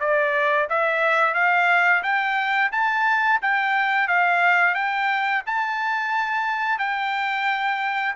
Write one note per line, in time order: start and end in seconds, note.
0.00 0.68 D5
0.70 1.35 E5
1.35 2.03 F5
2.03 2.71 G5
2.72 3.40 A5
3.42 4.08 G5
4.08 4.75 F5
4.75 5.43 G5
5.46 6.79 A5
6.79 8.15 G5